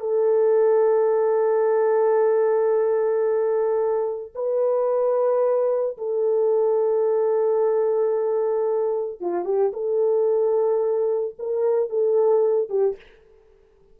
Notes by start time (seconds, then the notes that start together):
0.00 A4
4.35 B4
5.98 A4
9.21 F4
9.45 G4
9.73 A4
11.39 A#4
11.90 A4
12.69 G4